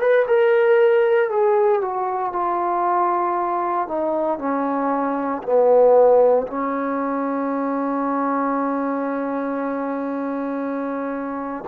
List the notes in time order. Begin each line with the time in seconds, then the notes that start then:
0.00 B4
0.27 A#4
1.30 G#4
1.81 F#4
2.32 F4
3.88 D#4
4.38 C#4
5.43 B3
6.47 C#4